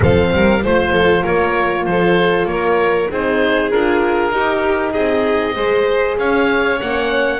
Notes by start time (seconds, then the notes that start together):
0.00 F3 C4 A4 F5
0.32 G3 A#4
0.61 A3 F4 C5
0.91 F3 A4
1.22 A#3 A#4 C#5
1.85 F3 A4 C5
2.45 A#3 A#4 C#5
3.10 C4 D#4 G#4 C5
3.70 D4 F4 A#4
4.31 D#4 G4
4.93 C4 G#4 D#5
5.55 G#3 G#4 C5
6.18 C#4 C#5 F5
6.79 A#3 C#4 F#5